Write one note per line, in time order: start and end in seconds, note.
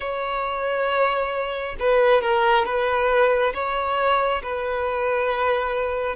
0.00 1.76 C#5
1.79 2.21 B4
2.21 2.65 A#4
2.65 3.53 B4
3.53 4.42 C#5
4.42 6.16 B4